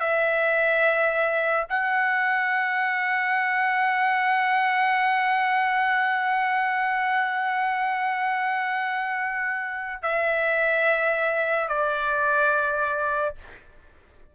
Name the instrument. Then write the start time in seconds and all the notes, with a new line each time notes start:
trumpet
0.00 E5
1.69 F#5
10.02 E5
11.68 D5